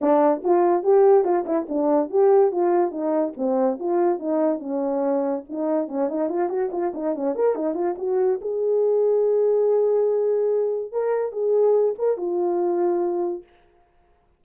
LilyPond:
\new Staff \with { instrumentName = "horn" } { \time 4/4 \tempo 4 = 143 d'4 f'4 g'4 f'8 e'8 | d'4 g'4 f'4 dis'4 | c'4 f'4 dis'4 cis'4~ | cis'4 dis'4 cis'8 dis'8 f'8 fis'8 |
f'8 dis'8 cis'8 ais'8 dis'8 f'8 fis'4 | gis'1~ | gis'2 ais'4 gis'4~ | gis'8 ais'8 f'2. | }